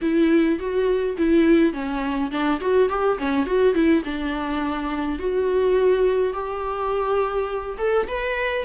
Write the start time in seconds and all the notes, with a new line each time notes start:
0.01 E4
0.59 F#4
1.17 E4
1.73 C#4
2.31 D4
2.60 F#4
2.89 G4
3.18 C#4
3.46 F#4
3.74 E4
4.04 D4
5.18 F#4
6.33 G4
7.78 A4
8.07 B4